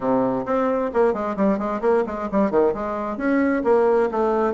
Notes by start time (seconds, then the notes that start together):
0.00 C3
0.45 C4
0.93 A#3
1.13 G#3
1.36 G3
1.58 G#3
1.81 A#3
2.06 G#3
2.31 G3
2.51 D#3
2.74 G#3
3.17 C#4
3.64 A#3
4.11 A3